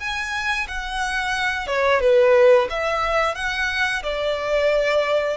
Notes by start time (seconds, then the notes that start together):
0.00 G#5
0.68 F#5
1.67 C#5
2.01 B4
2.70 E5
3.36 F#5
4.04 D5